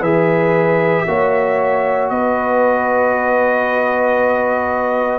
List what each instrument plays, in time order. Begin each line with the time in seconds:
0.00 tuba E3, trombone G#4, horn B4, trumpet E5
1.07 tuba A#3, trombone F#4, horn C#5
2.09 tuba B3, horn B4, trumpet D#5